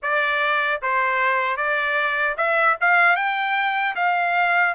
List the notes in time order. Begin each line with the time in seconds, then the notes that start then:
0.02 D5
0.81 C5
1.56 D5
2.37 E5
2.80 F5
3.16 G5
3.95 F5